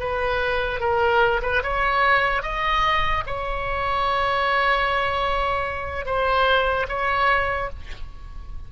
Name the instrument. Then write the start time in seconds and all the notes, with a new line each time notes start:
oboe
0.00 B4
0.80 A#4
1.43 B4
1.63 C#5
2.43 D#5
3.27 C#5
6.06 C5
6.89 C#5